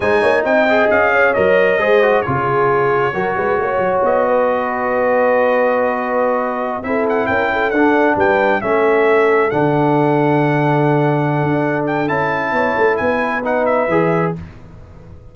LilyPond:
<<
  \new Staff \with { instrumentName = "trumpet" } { \time 4/4 \tempo 4 = 134 gis''4 g''4 f''4 dis''4~ | dis''4 cis''2.~ | cis''4 dis''2.~ | dis''2.~ dis''16 e''8 fis''16~ |
fis''16 g''4 fis''4 g''4 e''8.~ | e''4~ e''16 fis''2~ fis''8.~ | fis''2~ fis''8 g''8 a''4~ | a''4 gis''4 fis''8 e''4. | }
  \new Staff \with { instrumentName = "horn" } { \time 4/4 c''8 cis''8 dis''4. cis''4. | c''4 gis'2 ais'8 b'8 | cis''4. b'2~ b'8~ | b'2.~ b'16 a'8.~ |
a'16 ais'8 a'4. b'4 a'8.~ | a'1~ | a'1 | cis''4 b'2. | }
  \new Staff \with { instrumentName = "trombone" } { \time 4/4 dis'4. gis'4. ais'4 | gis'8 fis'8 f'2 fis'4~ | fis'1~ | fis'2.~ fis'16 e'8.~ |
e'4~ e'16 d'2 cis'8.~ | cis'4~ cis'16 d'2~ d'8.~ | d'2. e'4~ | e'2 dis'4 gis'4 | }
  \new Staff \with { instrumentName = "tuba" } { \time 4/4 gis8 ais8 c'4 cis'4 fis4 | gis4 cis2 fis8 gis8 | ais8 fis8 b2.~ | b2.~ b16 c'8.~ |
c'16 cis'4 d'4 g4 a8.~ | a4~ a16 d2~ d8.~ | d4. d'4. cis'4 | b8 a8 b2 e4 | }
>>